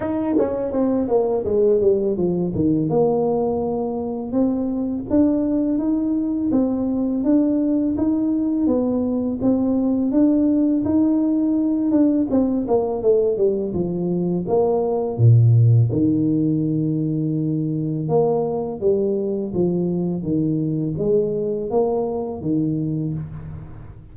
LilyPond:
\new Staff \with { instrumentName = "tuba" } { \time 4/4 \tempo 4 = 83 dis'8 cis'8 c'8 ais8 gis8 g8 f8 dis8 | ais2 c'4 d'4 | dis'4 c'4 d'4 dis'4 | b4 c'4 d'4 dis'4~ |
dis'8 d'8 c'8 ais8 a8 g8 f4 | ais4 ais,4 dis2~ | dis4 ais4 g4 f4 | dis4 gis4 ais4 dis4 | }